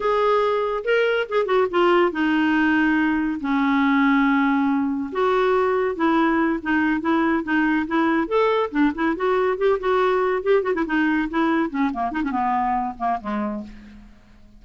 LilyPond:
\new Staff \with { instrumentName = "clarinet" } { \time 4/4 \tempo 4 = 141 gis'2 ais'4 gis'8 fis'8 | f'4 dis'2. | cis'1 | fis'2 e'4. dis'8~ |
dis'8 e'4 dis'4 e'4 a'8~ | a'8 d'8 e'8 fis'4 g'8 fis'4~ | fis'8 g'8 fis'16 e'16 dis'4 e'4 cis'8 | ais8 dis'16 cis'16 b4. ais8 gis4 | }